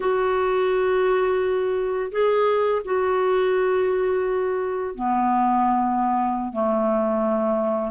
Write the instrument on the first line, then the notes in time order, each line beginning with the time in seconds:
clarinet
0.00 F#4
2.11 G#4
2.84 F#4
4.95 B3
6.52 A3